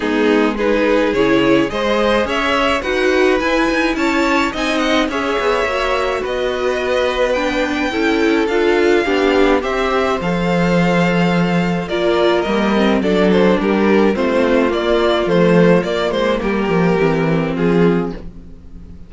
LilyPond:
<<
  \new Staff \with { instrumentName = "violin" } { \time 4/4 \tempo 4 = 106 gis'4 b'4 cis''4 dis''4 | e''4 fis''4 gis''4 a''4 | gis''8 fis''8 e''2 dis''4~ | dis''4 g''2 f''4~ |
f''4 e''4 f''2~ | f''4 d''4 dis''4 d''8 c''8 | ais'4 c''4 d''4 c''4 | d''8 c''8 ais'2 gis'4 | }
  \new Staff \with { instrumentName = "violin" } { \time 4/4 dis'4 gis'2 c''4 | cis''4 b'2 cis''4 | dis''4 cis''2 b'4~ | b'2 a'2 |
g'4 c''2.~ | c''4 ais'2 a'4 | g'4 f'2.~ | f'4 g'2 f'4 | }
  \new Staff \with { instrumentName = "viola" } { \time 4/4 b4 dis'4 e'4 gis'4~ | gis'4 fis'4 e'2 | dis'4 gis'4 fis'2~ | fis'4 d'4 e'4 f'4 |
d'4 g'4 a'2~ | a'4 f'4 ais8 c'8 d'4~ | d'4 c'4 ais4 a4 | ais2 c'2 | }
  \new Staff \with { instrumentName = "cello" } { \time 4/4 gis2 cis4 gis4 | cis'4 dis'4 e'8 dis'8 cis'4 | c'4 cis'8 b8 ais4 b4~ | b2 cis'4 d'4 |
b4 c'4 f2~ | f4 ais4 g4 fis4 | g4 a4 ais4 f4 | ais8 gis8 g8 f8 e4 f4 | }
>>